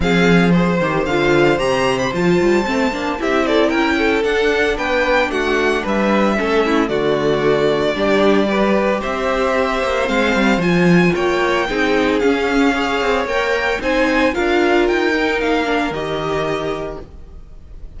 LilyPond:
<<
  \new Staff \with { instrumentName = "violin" } { \time 4/4 \tempo 4 = 113 f''4 c''4 f''4 ais''8. b''16 | a''2 e''8 d''8 g''4 | fis''4 g''4 fis''4 e''4~ | e''4 d''2.~ |
d''4 e''2 f''4 | gis''4 g''2 f''4~ | f''4 g''4 gis''4 f''4 | g''4 f''4 dis''2 | }
  \new Staff \with { instrumentName = "violin" } { \time 4/4 gis'4 c''2.~ | c''2 g'8 a'8 ais'8 a'8~ | a'4 b'4 fis'4 b'4 | a'8 e'8 fis'2 g'4 |
b'4 c''2.~ | c''4 cis''4 gis'2 | cis''2 c''4 ais'4~ | ais'1 | }
  \new Staff \with { instrumentName = "viola" } { \time 4/4 c'4 gis'8 g'8 f'4 g'4 | f'4 c'8 d'8 e'2 | d'1 | cis'4 a2 d'4 |
g'2. c'4 | f'2 dis'4 cis'4 | gis'4 ais'4 dis'4 f'4~ | f'8 dis'4 d'8 g'2 | }
  \new Staff \with { instrumentName = "cello" } { \time 4/4 f4. dis8 d4 c4 | f8 g8 a8 ais8 c'4 cis'4 | d'4 b4 a4 g4 | a4 d2 g4~ |
g4 c'4. ais8 gis8 g8 | f4 ais4 c'4 cis'4~ | cis'8 c'8 ais4 c'4 d'4 | dis'4 ais4 dis2 | }
>>